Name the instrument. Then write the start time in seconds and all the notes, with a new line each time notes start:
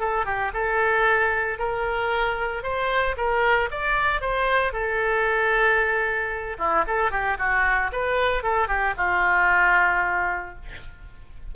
oboe
0.00 A4
0.25 G4
0.53 A4
1.59 A#4
2.63 C5
3.17 A#4
3.71 D5
4.21 C5
4.73 A4
6.58 E4
6.87 A4
7.11 G4
7.38 F#4
7.92 B4
8.43 A4
8.68 G4
8.97 F4